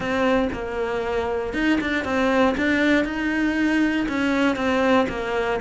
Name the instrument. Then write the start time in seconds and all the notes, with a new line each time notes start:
cello
0.00 C4
0.52 A#3
1.53 D#4
1.81 D4
2.04 C4
2.57 D4
3.05 D#4
4.08 C#4
4.55 C4
5.08 A#3